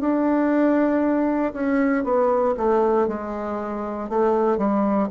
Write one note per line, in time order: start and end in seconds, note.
0.00 1.53 D4
1.53 2.04 C#4
2.04 2.55 B3
2.57 3.07 A3
3.07 4.09 G#3
4.09 4.58 A3
4.58 5.08 G3